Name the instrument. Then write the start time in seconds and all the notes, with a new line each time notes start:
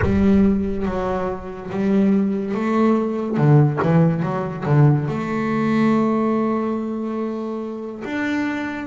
double bass
0.02 G3
0.85 F#3
1.70 G3
2.54 A3
3.36 D3
3.82 E3
4.22 F#3
4.65 D3
5.07 A3
8.04 D4